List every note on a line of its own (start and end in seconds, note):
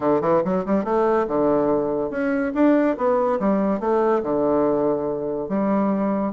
0.00 0.21 D3
0.21 0.42 E3
0.44 0.65 F#3
0.65 0.84 G3
0.84 1.26 A3
1.27 2.10 D3
2.10 2.52 C#4
2.54 2.96 D4
2.97 3.39 B3
3.39 3.80 G3
3.80 4.22 A3
4.23 5.48 D3
5.48 6.33 G3